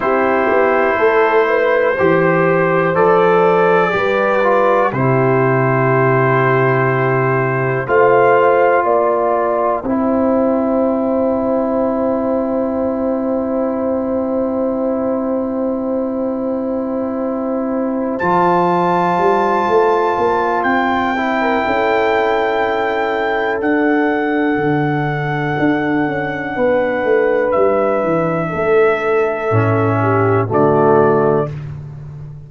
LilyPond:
<<
  \new Staff \with { instrumentName = "trumpet" } { \time 4/4 \tempo 4 = 61 c''2. d''4~ | d''4 c''2. | f''4 g''2.~ | g''1~ |
g''2~ g''8 a''4.~ | a''4 g''2. | fis''1 | e''2. d''4 | }
  \new Staff \with { instrumentName = "horn" } { \time 4/4 g'4 a'8 b'8 c''2 | b'4 g'2. | c''4 d''4 c''2~ | c''1~ |
c''1~ | c''4.~ c''16 ais'16 a'2~ | a'2. b'4~ | b'4 a'4. g'8 fis'4 | }
  \new Staff \with { instrumentName = "trombone" } { \time 4/4 e'2 g'4 a'4 | g'8 f'8 e'2. | f'2 e'2~ | e'1~ |
e'2~ e'8 f'4.~ | f'4. e'2~ e'8 | d'1~ | d'2 cis'4 a4 | }
  \new Staff \with { instrumentName = "tuba" } { \time 4/4 c'8 b8 a4 e4 f4 | g4 c2. | a4 ais4 c'2~ | c'1~ |
c'2~ c'8 f4 g8 | a8 ais8 c'4 cis'2 | d'4 d4 d'8 cis'8 b8 a8 | g8 e8 a4 a,4 d4 | }
>>